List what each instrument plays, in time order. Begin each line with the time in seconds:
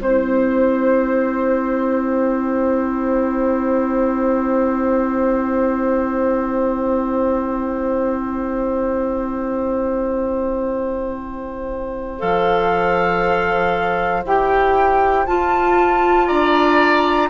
0.00 bassoon C4, clarinet E4, oboe C5, flute C5
2.06 flute G5
12.19 bassoon F3, clarinet A4, flute F5
14.24 bassoon E4, clarinet G4, flute G5
15.26 bassoon F4, clarinet F4, flute A5
16.27 bassoon D4, oboe D5, flute A#5